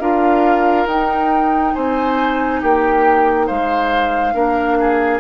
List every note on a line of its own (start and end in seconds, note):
0.00 0.86 D4
0.00 0.88 F4
0.00 1.74 A#4
0.00 0.87 F5
0.86 1.73 D#4
0.86 4.34 D#4
0.86 1.75 G5
1.74 2.63 C4
1.74 2.61 C5
1.74 2.62 G#5
2.61 3.50 A#3
2.61 3.47 G4
2.61 3.47 G5
3.47 4.34 G#3
3.47 4.34 C5
3.47 5.20 F5
4.34 5.20 A#3
4.34 5.20 D4
4.34 4.78 A#4
4.80 5.20 G#4